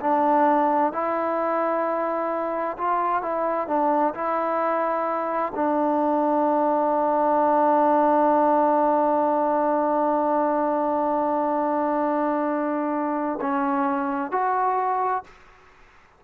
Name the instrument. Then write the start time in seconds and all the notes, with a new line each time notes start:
trombone
0.00 D4
0.92 E4
2.78 F4
3.22 E4
3.67 D4
4.14 E4
5.55 D4
13.41 C#4
14.31 F#4